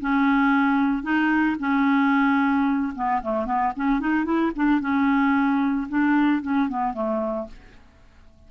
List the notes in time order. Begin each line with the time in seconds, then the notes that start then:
0.00 C#4
1.03 D#4
1.59 C#4
2.95 B3
3.22 A3
3.45 B3
3.76 C#4
4.00 D#4
4.24 E4
4.55 D4
4.80 C#4
5.88 D4
6.42 C#4
6.68 B3
6.93 A3